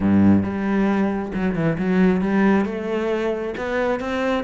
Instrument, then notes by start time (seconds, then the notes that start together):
cello
0.00 G2
0.43 G3
1.34 F#3
1.55 E3
1.78 F#3
2.21 G3
2.65 A3
3.57 B3
3.99 C4